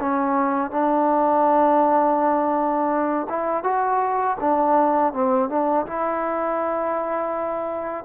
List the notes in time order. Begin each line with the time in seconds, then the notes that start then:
0.00 C#4
0.71 D4
3.29 E4
3.64 F#4
4.40 D4
5.13 C4
5.49 D4
5.86 E4